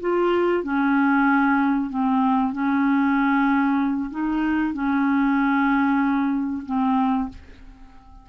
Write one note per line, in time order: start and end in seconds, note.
0.00 0.63 F4
0.63 1.89 C#4
1.89 2.52 C4
2.52 4.10 C#4
4.10 4.73 D#4
4.73 6.63 C#4
6.65 7.28 C4